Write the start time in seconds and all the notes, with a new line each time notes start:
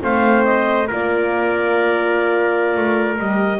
0.00 A3 C4 C5 F5
0.44 D#5
0.87 A#3 F4 A#4 D5
2.77 A3
3.18 G3 G4 D#5